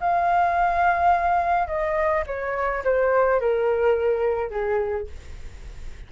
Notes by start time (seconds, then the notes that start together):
0.00 F5
1.67 D#5
2.26 C#5
2.84 C5
3.40 A#4
4.50 G#4